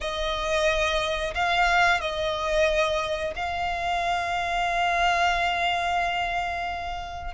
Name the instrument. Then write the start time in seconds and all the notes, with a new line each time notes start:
violin
0.00 D#5
1.34 F5
2.00 D#5
3.35 F5